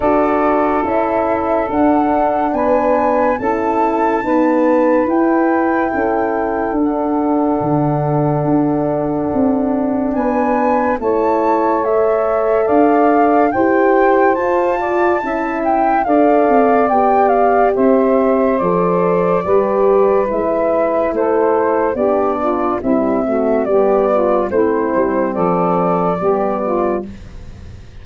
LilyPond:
<<
  \new Staff \with { instrumentName = "flute" } { \time 4/4 \tempo 4 = 71 d''4 e''4 fis''4 gis''4 | a''2 g''2 | fis''1 | gis''4 a''4 e''4 f''4 |
g''4 a''4. g''8 f''4 | g''8 f''8 e''4 d''2 | e''4 c''4 d''4 e''4 | d''4 c''4 d''2 | }
  \new Staff \with { instrumentName = "saxophone" } { \time 4/4 a'2. b'4 | a'4 b'2 a'4~ | a'1 | b'4 cis''2 d''4 |
c''4. d''8 e''4 d''4~ | d''4 c''2 b'4~ | b'4 a'4 g'8 f'8 e'8 fis'8 | g'8 f'8 e'4 a'4 g'8 f'8 | }
  \new Staff \with { instrumentName = "horn" } { \time 4/4 fis'4 e'4 d'2 | e'4 b4 e'2 | d'1~ | d'4 e'4 a'2 |
g'4 f'4 e'4 a'4 | g'2 a'4 g'4 | e'2 d'4 g8 a8 | b4 c'2 b4 | }
  \new Staff \with { instrumentName = "tuba" } { \time 4/4 d'4 cis'4 d'4 b4 | cis'4 dis'4 e'4 cis'4 | d'4 d4 d'4 c'4 | b4 a2 d'4 |
e'4 f'4 cis'4 d'8 c'8 | b4 c'4 f4 g4 | gis4 a4 b4 c'4 | g4 a8 g8 f4 g4 | }
>>